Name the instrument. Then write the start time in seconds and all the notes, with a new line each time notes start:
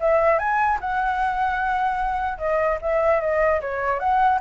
flute
0.00 E5
0.38 G#5
0.80 F#5
2.38 D#5
2.81 E5
3.20 D#5
3.61 C#5
3.99 F#5